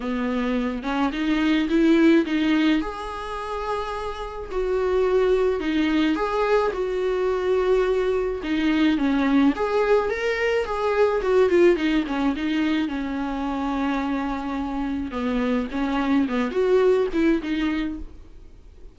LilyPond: \new Staff \with { instrumentName = "viola" } { \time 4/4 \tempo 4 = 107 b4. cis'8 dis'4 e'4 | dis'4 gis'2. | fis'2 dis'4 gis'4 | fis'2. dis'4 |
cis'4 gis'4 ais'4 gis'4 | fis'8 f'8 dis'8 cis'8 dis'4 cis'4~ | cis'2. b4 | cis'4 b8 fis'4 e'8 dis'4 | }